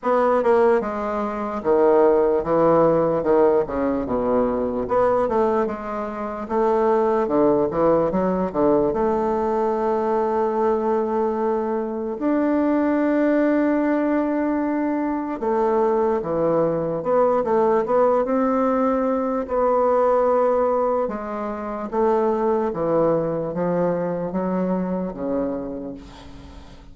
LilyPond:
\new Staff \with { instrumentName = "bassoon" } { \time 4/4 \tempo 4 = 74 b8 ais8 gis4 dis4 e4 | dis8 cis8 b,4 b8 a8 gis4 | a4 d8 e8 fis8 d8 a4~ | a2. d'4~ |
d'2. a4 | e4 b8 a8 b8 c'4. | b2 gis4 a4 | e4 f4 fis4 cis4 | }